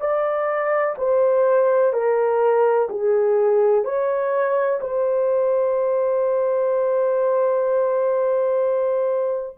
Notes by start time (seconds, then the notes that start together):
0.00 D5
0.98 C5
1.93 A#4
2.89 G#4
3.84 C#5
4.80 C5